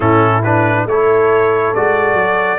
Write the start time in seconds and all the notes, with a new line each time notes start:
0.00 A2 C#4 E4 A4
0.43 D4 B4
0.85 A3 E4 A4 C#5
1.74 G#3 F#4 D5
2.13 F#3